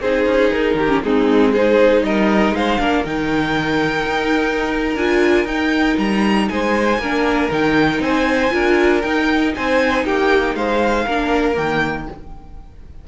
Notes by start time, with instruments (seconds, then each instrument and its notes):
0.00 cello C4, viola D#4, violin G#4 C5
0.26 cello C#4
0.52 cello D#4, violin A#4
0.74 cello D#3, violin G4
0.89 viola C#4
1.03 cello G#3, viola C4, violin D#4 G#4
1.52 viola D#4, violin G#4 C5
2.03 cello G3, violin A#4 D#5
2.51 cello G#3, violin C5 F5
2.79 cello A#3, viola D4, violin A#4
3.04 cello D#3, viola D#4, violin G5
4.06 cello D#4
4.95 cello D4, viola F4, violin G#5
5.45 cello D#4, viola D#4, violin G5
5.98 cello G3, violin A#5
6.49 cello G#3, violin C5 G#5
6.98 cello A#3, viola D4, violin A#4
7.50 cello D#3, viola D#4, violin G5
8.00 cello C4, violin C5 G#5
8.50 cello D4, viola F4, violin A#4
9.01 cello D#4, viola D#4, violin G5
9.55 cello C4, violin C5 G#5
10.05 cello A#3, violin G4 G5
10.55 cello G#3, violin C5 F5
11.06 cello A#3, viola D4, violin A#4
11.54 cello D#3, viola A#3, violin G5